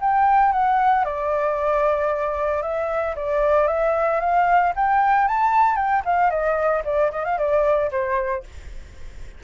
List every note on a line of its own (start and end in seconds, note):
0.00 0.52 G5
0.52 1.05 F#5
1.05 2.62 D5
2.62 3.15 E5
3.16 3.67 D5
3.67 4.20 E5
4.20 4.73 F5
4.76 5.28 G5
5.28 5.76 A5
5.76 6.02 G5
6.05 6.30 F5
6.30 6.83 D#5
6.85 7.11 D5
7.11 7.25 D#5
7.25 7.38 F5
7.38 7.90 D5
7.91 8.44 C5